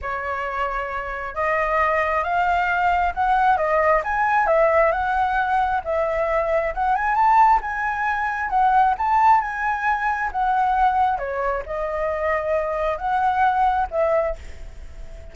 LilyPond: \new Staff \with { instrumentName = "flute" } { \time 4/4 \tempo 4 = 134 cis''2. dis''4~ | dis''4 f''2 fis''4 | dis''4 gis''4 e''4 fis''4~ | fis''4 e''2 fis''8 gis''8 |
a''4 gis''2 fis''4 | a''4 gis''2 fis''4~ | fis''4 cis''4 dis''2~ | dis''4 fis''2 e''4 | }